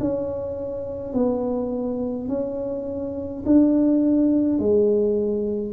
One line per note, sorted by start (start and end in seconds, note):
0.00 1.13 C#4
1.13 2.28 B3
2.28 3.44 C#4
3.46 4.59 D4
4.59 5.73 G#3